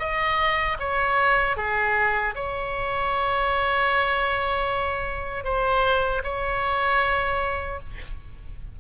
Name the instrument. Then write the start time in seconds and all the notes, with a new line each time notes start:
oboe
0.00 D#5
0.80 C#5
1.57 G#4
2.35 C#5
5.45 C5
6.24 C#5